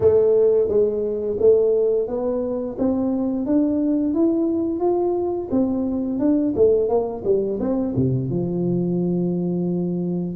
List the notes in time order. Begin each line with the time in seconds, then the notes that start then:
0.00 A3
0.68 G#3
1.39 A3
2.07 B3
2.78 C4
3.45 D4
4.14 E4
4.79 F4
5.50 C4
6.19 D4
6.55 A3
6.88 A#3
7.24 G3
7.60 C4
7.96 C3
8.29 F3